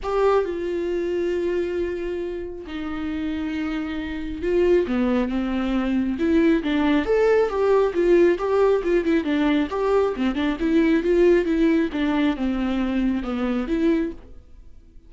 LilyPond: \new Staff \with { instrumentName = "viola" } { \time 4/4 \tempo 4 = 136 g'4 f'2.~ | f'2 dis'2~ | dis'2 f'4 b4 | c'2 e'4 d'4 |
a'4 g'4 f'4 g'4 | f'8 e'8 d'4 g'4 c'8 d'8 | e'4 f'4 e'4 d'4 | c'2 b4 e'4 | }